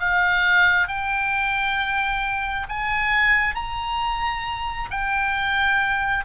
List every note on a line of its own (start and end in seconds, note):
0.00 0.88 F5
0.88 2.67 G5
2.69 3.55 G#5
3.55 4.90 A#5
4.91 6.25 G5